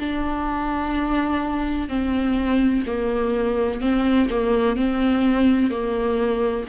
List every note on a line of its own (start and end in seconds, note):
0.00 1.89 D4
1.89 2.84 C4
2.87 3.81 A#3
3.81 4.29 C4
4.31 4.77 A#3
4.77 5.71 C4
5.71 6.66 A#3